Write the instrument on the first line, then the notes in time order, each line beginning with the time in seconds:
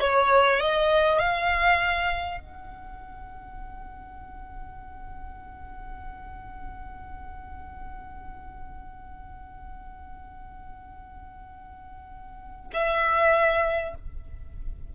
violin
0.00 C#5
0.60 D#5
1.19 F5
2.40 F#5
12.73 E5